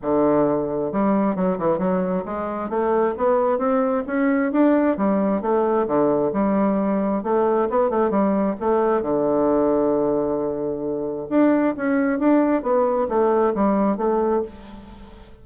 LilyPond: \new Staff \with { instrumentName = "bassoon" } { \time 4/4 \tempo 4 = 133 d2 g4 fis8 e8 | fis4 gis4 a4 b4 | c'4 cis'4 d'4 g4 | a4 d4 g2 |
a4 b8 a8 g4 a4 | d1~ | d4 d'4 cis'4 d'4 | b4 a4 g4 a4 | }